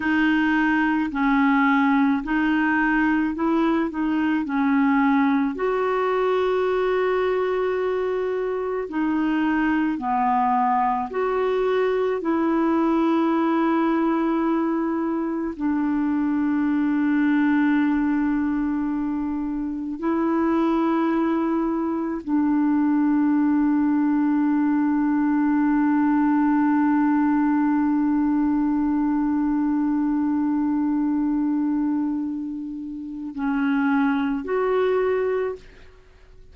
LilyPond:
\new Staff \with { instrumentName = "clarinet" } { \time 4/4 \tempo 4 = 54 dis'4 cis'4 dis'4 e'8 dis'8 | cis'4 fis'2. | dis'4 b4 fis'4 e'4~ | e'2 d'2~ |
d'2 e'2 | d'1~ | d'1~ | d'2 cis'4 fis'4 | }